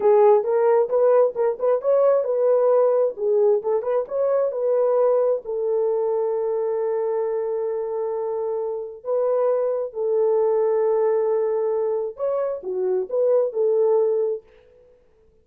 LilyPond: \new Staff \with { instrumentName = "horn" } { \time 4/4 \tempo 4 = 133 gis'4 ais'4 b'4 ais'8 b'8 | cis''4 b'2 gis'4 | a'8 b'8 cis''4 b'2 | a'1~ |
a'1 | b'2 a'2~ | a'2. cis''4 | fis'4 b'4 a'2 | }